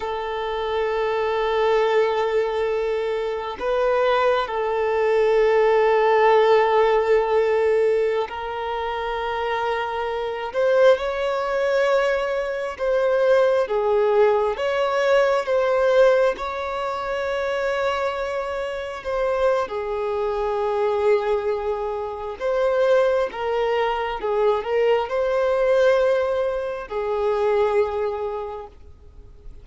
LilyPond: \new Staff \with { instrumentName = "violin" } { \time 4/4 \tempo 4 = 67 a'1 | b'4 a'2.~ | a'4~ a'16 ais'2~ ais'8 c''16~ | c''16 cis''2 c''4 gis'8.~ |
gis'16 cis''4 c''4 cis''4.~ cis''16~ | cis''4~ cis''16 c''8. gis'2~ | gis'4 c''4 ais'4 gis'8 ais'8 | c''2 gis'2 | }